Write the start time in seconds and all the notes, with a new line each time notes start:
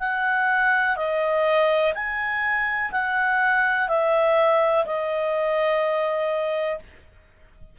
0.00 F#5
0.97 D#5
1.94 G#5
2.92 F#5
3.89 E5
4.86 D#5